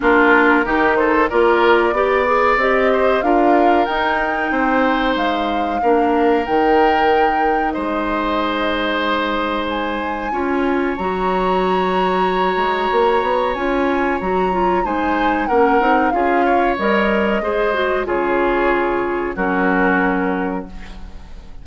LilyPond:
<<
  \new Staff \with { instrumentName = "flute" } { \time 4/4 \tempo 4 = 93 ais'4. c''8 d''2 | dis''4 f''4 g''2 | f''2 g''2 | dis''2. gis''4~ |
gis''4 ais''2.~ | ais''4 gis''4 ais''4 gis''4 | fis''4 f''4 dis''2 | cis''2 ais'2 | }
  \new Staff \with { instrumentName = "oboe" } { \time 4/4 f'4 g'8 a'8 ais'4 d''4~ | d''8 c''8 ais'2 c''4~ | c''4 ais'2. | c''1 |
cis''1~ | cis''2. c''4 | ais'4 gis'8 cis''4. c''4 | gis'2 fis'2 | }
  \new Staff \with { instrumentName = "clarinet" } { \time 4/4 d'4 dis'4 f'4 g'8 gis'8 | g'4 f'4 dis'2~ | dis'4 d'4 dis'2~ | dis'1 |
f'4 fis'2.~ | fis'4 f'4 fis'8 f'8 dis'4 | cis'8 dis'8 f'4 ais'4 gis'8 fis'8 | f'2 cis'2 | }
  \new Staff \with { instrumentName = "bassoon" } { \time 4/4 ais4 dis4 ais4 b4 | c'4 d'4 dis'4 c'4 | gis4 ais4 dis2 | gis1 |
cis'4 fis2~ fis8 gis8 | ais8 b8 cis'4 fis4 gis4 | ais8 c'8 cis'4 g4 gis4 | cis2 fis2 | }
>>